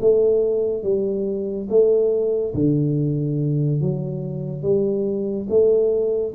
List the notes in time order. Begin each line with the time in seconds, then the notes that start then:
0.00 A3
0.83 G3
1.69 A3
2.54 D3
3.80 F#3
4.62 G3
5.49 A3